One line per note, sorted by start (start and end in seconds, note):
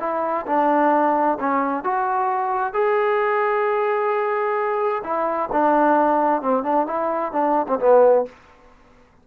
0.00 0.46 E4
0.47 1.38 D4
1.40 1.84 C#4
1.84 2.74 F#4
2.74 5.03 G#4
5.04 5.49 E4
5.52 6.42 D4
6.42 6.63 C4
6.63 6.86 D4
6.87 7.32 E4
7.32 7.67 D4
7.68 7.79 C4
7.79 8.25 B3